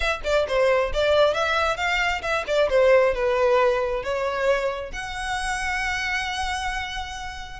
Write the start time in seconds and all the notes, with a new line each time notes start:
0.00 E5
0.24 D5
0.47 C5
0.93 D5
1.34 E5
1.76 F5
2.22 E5
2.47 D5
2.69 C5
3.14 B4
4.03 C#5
4.92 F#5